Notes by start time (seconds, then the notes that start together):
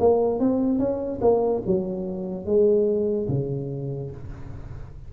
0.00 A#3
0.40 C4
0.79 C#4
1.22 A#3
1.67 F#3
2.46 G#3
3.29 C#3